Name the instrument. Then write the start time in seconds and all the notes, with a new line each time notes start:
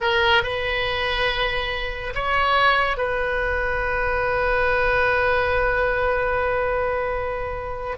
oboe
0.00 A#4
0.43 B4
2.14 C#5
2.97 B4